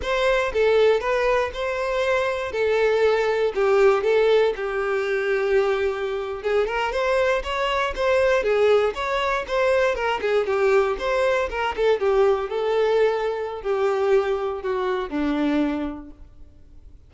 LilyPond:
\new Staff \with { instrumentName = "violin" } { \time 4/4 \tempo 4 = 119 c''4 a'4 b'4 c''4~ | c''4 a'2 g'4 | a'4 g'2.~ | g'8. gis'8 ais'8 c''4 cis''4 c''16~ |
c''8. gis'4 cis''4 c''4 ais'16~ | ais'16 gis'8 g'4 c''4 ais'8 a'8 g'16~ | g'8. a'2~ a'16 g'4~ | g'4 fis'4 d'2 | }